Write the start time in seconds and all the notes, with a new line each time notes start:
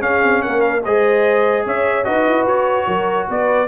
0.00 C#4 G#4 F5
0.23 C4
0.43 A#3 A#4 F#5
0.61 F5
0.85 G#3 G#4 C5 D#5
1.65 C#4 C#5 E5
2.05 D#4 F#4 B4 D#5
2.28 E4
2.46 F#4 C#5
2.87 F#3 A#4
3.29 B3 B4 D5